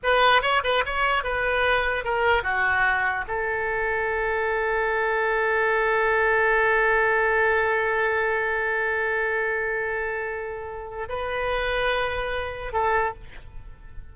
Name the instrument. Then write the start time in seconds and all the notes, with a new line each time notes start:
oboe
0.03 B4
0.41 C#5
0.63 B4
0.85 C#5
1.23 B4
2.04 A#4
2.43 F#4
3.27 A4
11.08 B4
12.72 A4